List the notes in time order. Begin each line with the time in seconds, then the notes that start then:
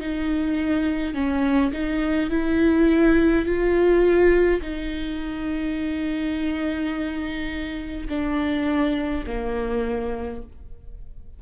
0.00 D#4
1.14 C#4
1.73 D#4
2.30 E4
3.45 F4
4.62 D#4
8.08 D4
9.26 A#3